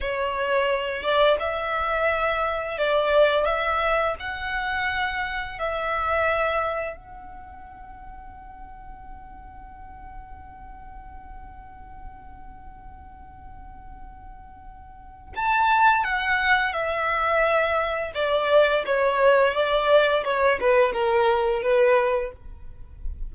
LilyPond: \new Staff \with { instrumentName = "violin" } { \time 4/4 \tempo 4 = 86 cis''4. d''8 e''2 | d''4 e''4 fis''2 | e''2 fis''2~ | fis''1~ |
fis''1~ | fis''2 a''4 fis''4 | e''2 d''4 cis''4 | d''4 cis''8 b'8 ais'4 b'4 | }